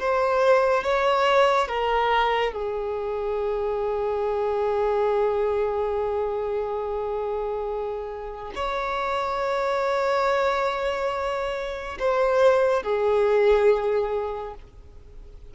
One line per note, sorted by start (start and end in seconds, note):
0.00 0.84 C5
0.84 1.68 C#5
1.68 2.53 A#4
2.53 8.53 G#4
8.56 11.98 C#5
11.99 12.83 C5
12.83 14.55 G#4